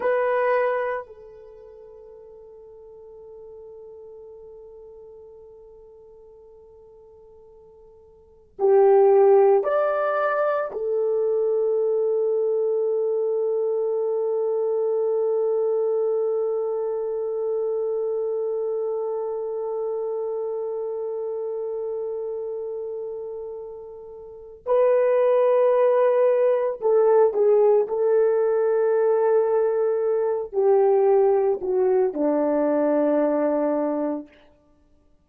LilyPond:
\new Staff \with { instrumentName = "horn" } { \time 4/4 \tempo 4 = 56 b'4 a'2.~ | a'1 | g'4 d''4 a'2~ | a'1~ |
a'1~ | a'2. b'4~ | b'4 a'8 gis'8 a'2~ | a'8 g'4 fis'8 d'2 | }